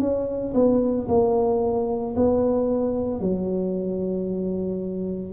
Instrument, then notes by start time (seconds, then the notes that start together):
tuba
0.00 C#4
0.54 B3
1.08 A#3
2.16 B3
3.21 F#3